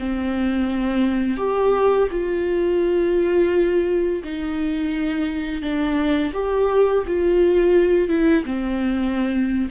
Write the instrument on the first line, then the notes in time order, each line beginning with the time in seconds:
viola
0.00 C4
1.38 G4
2.11 F4
4.24 D#4
5.62 D4
6.34 G4
7.07 F4
8.09 E4
8.45 C4